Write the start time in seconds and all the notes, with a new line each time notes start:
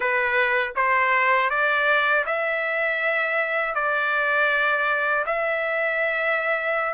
0.00 B4
0.75 C5
1.50 D5
2.25 E5
3.74 D5
5.26 E5